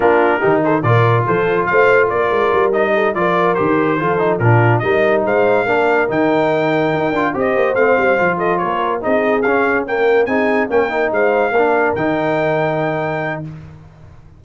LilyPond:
<<
  \new Staff \with { instrumentName = "trumpet" } { \time 4/4 \tempo 4 = 143 ais'4. c''8 d''4 c''4 | f''4 d''4. dis''4 d''8~ | d''8 c''2 ais'4 dis''8~ | dis''8 f''2 g''4.~ |
g''4. dis''4 f''4. | dis''8 cis''4 dis''4 f''4 g''8~ | g''8 gis''4 g''4 f''4.~ | f''8 g''2.~ g''8 | }
  \new Staff \with { instrumentName = "horn" } { \time 4/4 f'4 g'8 a'8 ais'4 a'4 | c''4 ais'2 a'8 ais'8~ | ais'4. a'4 f'4 ais'8~ | ais'8 c''4 ais'2~ ais'8~ |
ais'4. c''2~ c''8 | a'8 ais'4 gis'2 ais'8~ | ais'8 gis'4 ais'4 c''4 ais'8~ | ais'1 | }
  \new Staff \with { instrumentName = "trombone" } { \time 4/4 d'4 dis'4 f'2~ | f'2~ f'8 dis'4 f'8~ | f'8 g'4 f'8 dis'8 d'4 dis'8~ | dis'4. d'4 dis'4.~ |
dis'4 f'8 g'4 c'4 f'8~ | f'4. dis'4 cis'4 ais8~ | ais8 dis'4 cis'8 dis'4. d'8~ | d'8 dis'2.~ dis'8 | }
  \new Staff \with { instrumentName = "tuba" } { \time 4/4 ais4 dis4 ais,4 f4 | a4 ais8 gis8 g4. f8~ | f8 dis4 f4 ais,4 g8~ | g8 gis4 ais4 dis4.~ |
dis8 dis'8 d'8 c'8 ais8 a8 g8 f8~ | f8 ais4 c'4 cis'4.~ | cis'8 c'4 ais4 gis4 ais8~ | ais8 dis2.~ dis8 | }
>>